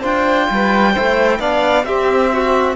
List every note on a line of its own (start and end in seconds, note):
0.00 0.49 D4
0.00 0.93 F4
0.00 0.45 C5
0.00 1.40 G5
0.50 0.95 G3
0.50 0.93 B4
0.93 1.39 A3
0.93 1.40 E4
0.93 1.38 C5
1.39 1.84 B3
1.39 1.86 D4
1.39 1.85 D5
1.39 1.84 F5
1.84 2.75 C4
1.84 2.76 C4
1.84 2.32 G4
1.84 2.75 E5
2.33 2.76 F#4